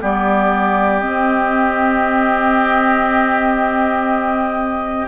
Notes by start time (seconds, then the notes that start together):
0.00 G3 B3 G4 D5
1.00 C4 D#5